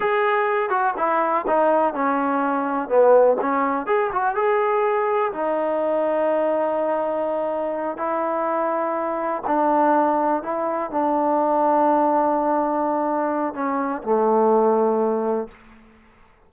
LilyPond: \new Staff \with { instrumentName = "trombone" } { \time 4/4 \tempo 4 = 124 gis'4. fis'8 e'4 dis'4 | cis'2 b4 cis'4 | gis'8 fis'8 gis'2 dis'4~ | dis'1~ |
dis'8 e'2. d'8~ | d'4. e'4 d'4.~ | d'1 | cis'4 a2. | }